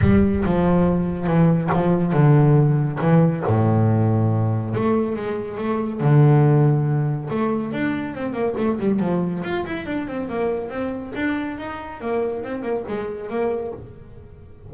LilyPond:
\new Staff \with { instrumentName = "double bass" } { \time 4/4 \tempo 4 = 140 g4 f2 e4 | f4 d2 e4 | a,2. a4 | gis4 a4 d2~ |
d4 a4 d'4 c'8 ais8 | a8 g8 f4 f'8 e'8 d'8 c'8 | ais4 c'4 d'4 dis'4 | ais4 c'8 ais8 gis4 ais4 | }